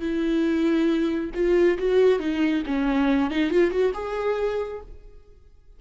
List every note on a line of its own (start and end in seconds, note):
0.00 1.30 E4
1.34 1.77 F4
1.78 2.19 F#4
2.19 2.63 D#4
2.66 3.30 C#4
3.30 3.50 D#4
3.50 3.70 F4
3.70 3.92 F#4
3.93 4.80 G#4